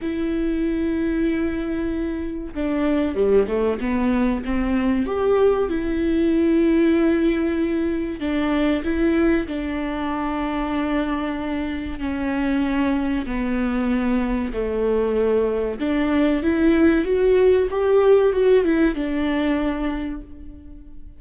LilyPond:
\new Staff \with { instrumentName = "viola" } { \time 4/4 \tempo 4 = 95 e'1 | d'4 g8 a8 b4 c'4 | g'4 e'2.~ | e'4 d'4 e'4 d'4~ |
d'2. cis'4~ | cis'4 b2 a4~ | a4 d'4 e'4 fis'4 | g'4 fis'8 e'8 d'2 | }